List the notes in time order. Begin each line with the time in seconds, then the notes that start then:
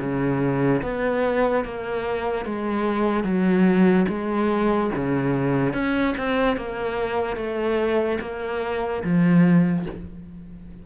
0.00 C#3
0.83 B3
1.65 A#3
2.46 G#3
3.24 F#3
4.09 G#3
4.96 C#3
5.74 C#4
6.18 C4
6.57 A#3
7.37 A3
8.21 A#3
9.04 F3